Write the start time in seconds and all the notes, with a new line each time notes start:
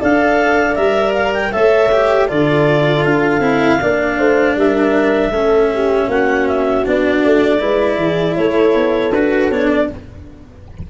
0.00 D4 A4 D5 F5
0.75 G3 A#4 E5
1.14 F5
1.34 G5
1.52 A3 A4 C#5 E5
1.92 G4
2.28 D3 F4 A4 D5
3.04 D4 F5
3.40 C4 E4
3.81 A#3 D4 D5
4.18 A3 C5
4.56 G3 A#4 E5
5.30 A3 C#4 A4
5.74 G4
6.08 A#3 F#4 F#5
6.48 E5
6.86 B3 D4 D5
7.24 A3
7.59 G#3 E4 B4
7.96 E3 G#4
8.37 A3 A4 C#5
8.75 B3
9.13 D4 F#4 B4
9.51 B3 D4 C#5
9.69 D5